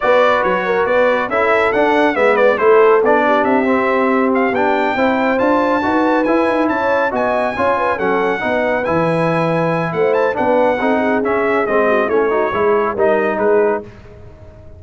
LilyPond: <<
  \new Staff \with { instrumentName = "trumpet" } { \time 4/4 \tempo 4 = 139 d''4 cis''4 d''4 e''4 | fis''4 e''8 d''8 c''4 d''4 | e''2 f''8 g''4.~ | g''8 a''2 gis''4 a''8~ |
a''8 gis''2 fis''4.~ | fis''8 gis''2~ gis''8 fis''8 a''8 | fis''2 e''4 dis''4 | cis''2 dis''4 b'4 | }
  \new Staff \with { instrumentName = "horn" } { \time 4/4 b'4. ais'8 b'4 a'4~ | a'4 b'4 a'4. g'8~ | g'2.~ g'8 c''8~ | c''4. b'2 cis''8~ |
cis''8 dis''4 cis''8 b'8 a'4 b'8~ | b'2. c''4 | b'4 a'8 gis'2 fis'8 | e'8 fis'8 gis'4 ais'4 gis'4 | }
  \new Staff \with { instrumentName = "trombone" } { \time 4/4 fis'2. e'4 | d'4 b4 e'4 d'4~ | d'8 c'2 d'4 e'8~ | e'8 f'4 fis'4 e'4.~ |
e'8 fis'4 f'4 cis'4 dis'8~ | dis'8 e'2.~ e'8 | d'4 dis'4 cis'4 c'4 | cis'8 dis'8 e'4 dis'2 | }
  \new Staff \with { instrumentName = "tuba" } { \time 4/4 b4 fis4 b4 cis'4 | d'4 gis4 a4 b4 | c'2~ c'8 b4 c'8~ | c'8 d'4 dis'4 e'8 dis'8 cis'8~ |
cis'8 b4 cis'4 fis4 b8~ | b8 e2~ e8 a4 | b4 c'4 cis'4 gis4 | a4 gis4 g4 gis4 | }
>>